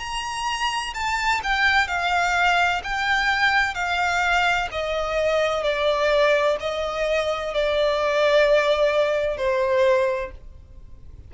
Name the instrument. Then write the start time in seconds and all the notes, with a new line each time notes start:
violin
0.00 A#5
0.94 A5
1.44 G5
1.88 F5
2.84 G5
3.75 F5
4.72 D#5
5.63 D5
6.60 D#5
7.54 D5
9.37 C5